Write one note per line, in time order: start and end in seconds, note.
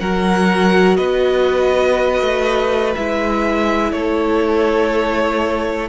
0.00 0.98 F#3
0.00 2.95 F#4
0.00 0.97 A#4
0.00 0.97 F#5
0.97 2.21 B3
0.97 3.92 B4
0.97 2.93 D#5
2.21 2.94 A3
2.96 3.92 G#3
2.96 5.89 E4
2.96 3.92 E5
3.92 5.89 A3
3.92 5.89 A4
3.92 5.89 C#5